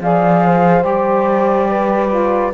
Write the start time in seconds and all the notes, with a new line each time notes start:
0.00 F3 G#4 D5 F5
0.45 C5
0.82 G3 G4 D5
1.70 B4
2.09 F4